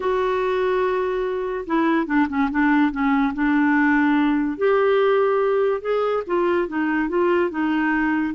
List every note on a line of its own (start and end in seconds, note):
0.00 1.65 F#4
1.66 2.06 E4
2.06 2.27 D4
2.29 2.49 C#4
2.50 2.91 D4
2.91 3.33 C#4
3.34 4.57 D4
4.57 5.81 G4
5.81 6.23 G#4
6.26 6.68 F4
6.68 7.08 D#4
7.08 7.50 F4
7.50 8.34 D#4